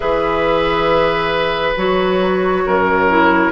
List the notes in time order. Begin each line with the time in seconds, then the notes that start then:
0.00 E3 G#4 B4 E5
1.76 F#3 F#4 C#5
2.66 F#2 A#4
3.09 E4